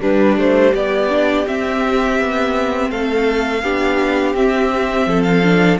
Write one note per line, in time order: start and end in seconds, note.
0.00 1.09 G3
0.00 0.37 G3
0.00 0.72 D4
0.00 0.38 B4
0.37 0.73 A3
0.37 0.75 C5
0.73 1.46 B3
0.73 2.90 G4
0.73 1.47 D5
1.09 1.45 D4
1.46 3.62 C4
1.46 2.19 C4
1.46 2.90 E5
2.19 2.90 B3
2.90 3.62 A3
2.90 3.63 A4
2.90 4.35 F5
3.62 4.34 B3
3.62 4.34 D4
3.62 5.07 G4
4.34 5.06 C4
4.34 5.42 C4
4.34 5.22 E5
5.06 5.78 F3
5.06 5.79 A4
5.22 5.77 F5
5.42 5.79 D4